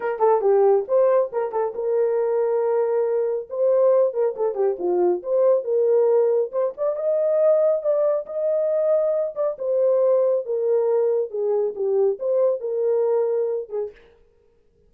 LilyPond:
\new Staff \with { instrumentName = "horn" } { \time 4/4 \tempo 4 = 138 ais'8 a'8 g'4 c''4 ais'8 a'8 | ais'1 | c''4. ais'8 a'8 g'8 f'4 | c''4 ais'2 c''8 d''8 |
dis''2 d''4 dis''4~ | dis''4. d''8 c''2 | ais'2 gis'4 g'4 | c''4 ais'2~ ais'8 gis'8 | }